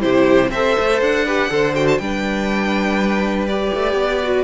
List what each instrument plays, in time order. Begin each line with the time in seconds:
0.00 cello C3, viola E4, violin G4 C5
0.51 cello C4, viola A4, violin C5 E5
0.79 cello A3
1.01 cello D4, violin F#5
1.25 viola G4, violin B4
1.50 cello D3, viola A4, violin C5
1.74 viola F#4, violin G5
1.87 violin A5
1.98 cello G3, viola D4, violin B4 G5
3.47 viola G4, violin D5
3.74 cello A3
3.93 cello B3
4.23 viola F#4